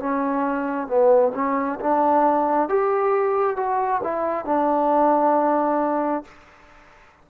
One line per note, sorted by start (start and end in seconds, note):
0.00 0.88 C#4
0.88 1.32 B3
1.35 1.80 C#4
1.80 2.69 D4
2.69 3.57 G4
3.57 4.01 F#4
4.04 4.46 E4
4.46 6.25 D4